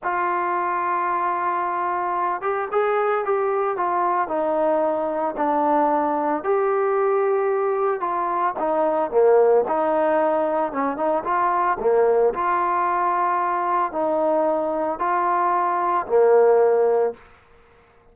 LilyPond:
\new Staff \with { instrumentName = "trombone" } { \time 4/4 \tempo 4 = 112 f'1~ | f'8 g'8 gis'4 g'4 f'4 | dis'2 d'2 | g'2. f'4 |
dis'4 ais4 dis'2 | cis'8 dis'8 f'4 ais4 f'4~ | f'2 dis'2 | f'2 ais2 | }